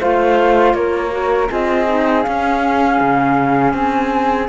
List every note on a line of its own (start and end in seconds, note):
0.00 0.74 A3
0.00 1.10 F4
0.00 0.75 C5
0.00 0.74 F5
0.74 1.49 A#3
0.74 1.50 A#4
0.74 1.49 C#5
1.10 1.48 F#4
1.49 2.26 C4
1.49 1.86 F4
1.49 4.49 G#4
1.49 2.23 D#5
1.87 2.23 D#4
2.23 4.48 C#4
2.23 3.00 C#4
2.23 3.73 F5
3.00 3.73 C#3
3.73 4.48 C4
3.73 4.49 G#5